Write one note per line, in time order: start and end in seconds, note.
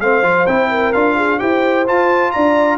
0.00 0.23 A3
0.00 0.23 C4
0.00 0.70 C5
0.00 0.47 F5
0.23 0.46 F3
0.23 0.46 F4
0.47 0.93 C4
0.47 0.94 E4
0.47 0.93 G5
0.70 1.16 A#4
0.93 1.41 D4
0.93 1.39 F4
0.93 1.39 F5
1.16 1.39 G#4
1.39 1.88 E4
1.39 1.85 G4
1.39 2.33 C5
1.39 1.85 G5
1.87 2.78 F4
1.87 2.35 F4
1.87 2.31 A5
2.31 2.78 D4
2.31 2.78 D5
2.31 2.78 A#5